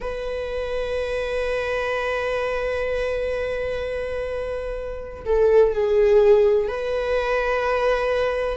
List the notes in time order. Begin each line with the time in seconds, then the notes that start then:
0.00 B4
5.25 A4
5.73 G#4
6.68 B4